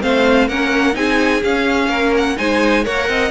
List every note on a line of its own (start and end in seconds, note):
0.00 0.48 A3
0.00 0.47 C4
0.00 0.48 C5
0.00 0.48 F5
0.48 0.95 A#3
0.48 0.93 C#4
0.48 0.95 A#4
0.48 0.95 F#5
0.93 1.43 C4
0.93 1.40 D#4
0.93 1.88 G#4
0.93 1.42 G#5
1.43 1.88 C#4
1.43 2.37 C#4
1.43 2.14 F5
1.88 2.36 A#3
1.88 2.35 A#4
2.17 2.37 F#5
2.37 2.86 G#3
2.37 2.84 D#4
2.37 2.84 C5
2.37 2.84 G#5
2.84 3.09 A#3
2.84 3.30 A#4
2.84 3.08 C#5
2.84 3.30 F#5
3.08 3.30 C4
3.08 3.30 D#5